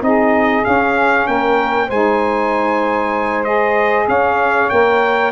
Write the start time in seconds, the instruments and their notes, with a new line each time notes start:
0.00 tuba C4, saxophone D#4 G#4, trumpet D#5
0.63 saxophone C#4, tuba C#4, trumpet F5
1.27 tuba A#3, saxophone A#4, trumpet G5
1.87 tuba G#3, saxophone D#4 C5, trumpet G#5
3.44 saxophone G#4, trumpet D#5
4.08 tuba C#4, saxophone C#5, trumpet F5
4.69 tuba A#3, saxophone A#4, trumpet G5